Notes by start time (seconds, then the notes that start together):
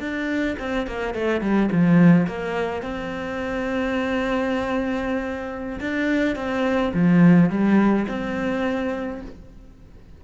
0.00 D4
0.59 C4
0.87 A#3
1.14 A3
1.41 G3
1.72 F3
2.27 A#3
2.82 C4
5.80 D4
6.36 C4
6.94 F3
7.50 G3
8.08 C4